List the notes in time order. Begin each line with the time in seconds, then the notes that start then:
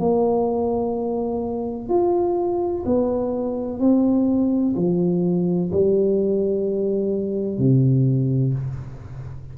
0.00 A#3
1.89 F4
2.86 B3
3.80 C4
4.76 F3
5.72 G3
7.58 C3